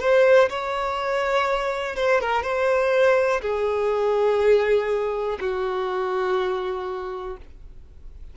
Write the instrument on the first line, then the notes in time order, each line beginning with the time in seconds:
violin
0.00 C5
0.50 C#5
1.96 C5
2.21 A#4
2.43 C5
3.42 G#4
5.41 F#4